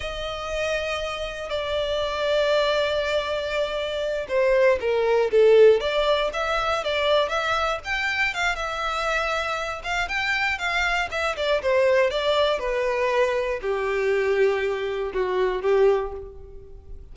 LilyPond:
\new Staff \with { instrumentName = "violin" } { \time 4/4 \tempo 4 = 119 dis''2. d''4~ | d''1~ | d''8 c''4 ais'4 a'4 d''8~ | d''8 e''4 d''4 e''4 g''8~ |
g''8 f''8 e''2~ e''8 f''8 | g''4 f''4 e''8 d''8 c''4 | d''4 b'2 g'4~ | g'2 fis'4 g'4 | }